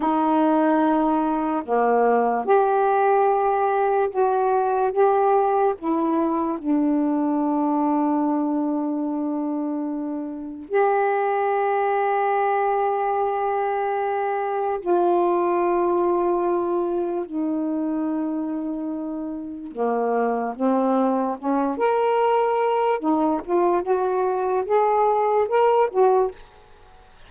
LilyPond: \new Staff \with { instrumentName = "saxophone" } { \time 4/4 \tempo 4 = 73 dis'2 ais4 g'4~ | g'4 fis'4 g'4 e'4 | d'1~ | d'4 g'2.~ |
g'2 f'2~ | f'4 dis'2. | ais4 c'4 cis'8 ais'4. | dis'8 f'8 fis'4 gis'4 ais'8 fis'8 | }